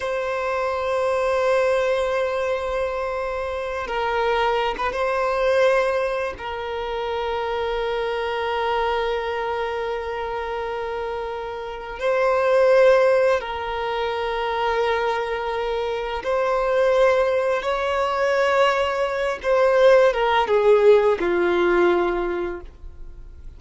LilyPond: \new Staff \with { instrumentName = "violin" } { \time 4/4 \tempo 4 = 85 c''1~ | c''4. ais'4~ ais'16 b'16 c''4~ | c''4 ais'2.~ | ais'1~ |
ais'4 c''2 ais'4~ | ais'2. c''4~ | c''4 cis''2~ cis''8 c''8~ | c''8 ais'8 gis'4 f'2 | }